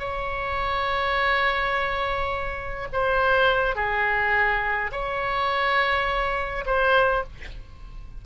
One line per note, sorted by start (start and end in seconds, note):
0.00 2.88 C#5
2.93 3.76 C5
3.76 4.91 G#4
4.92 6.65 C#5
6.66 7.24 C5